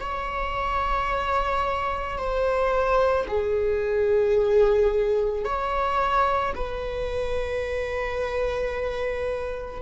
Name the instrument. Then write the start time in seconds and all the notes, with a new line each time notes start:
viola
0.00 C#5
2.18 C5
3.27 G#4
5.44 C#5
6.55 B4